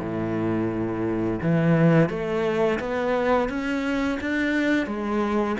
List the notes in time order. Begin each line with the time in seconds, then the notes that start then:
0.00 A2
1.41 E3
2.09 A3
2.79 B3
3.49 C#4
4.21 D4
4.86 G#3